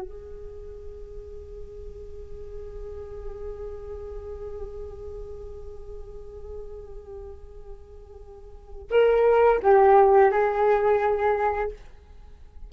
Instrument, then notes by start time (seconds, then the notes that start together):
flute
0.00 G#4
8.90 A#4
9.62 G4
10.31 G#4